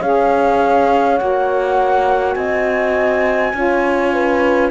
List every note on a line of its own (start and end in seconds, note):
0.00 1.20 C#4
0.00 1.19 G#4
0.00 2.35 C#5
0.00 1.17 F5
1.17 2.36 A#3
1.17 3.54 F#4
1.17 2.34 F#5
2.34 3.53 C4
2.34 3.55 D#5
2.34 4.69 G#5
3.54 4.71 C#4
3.54 4.71 F4
3.54 4.13 C#5
4.13 4.71 B4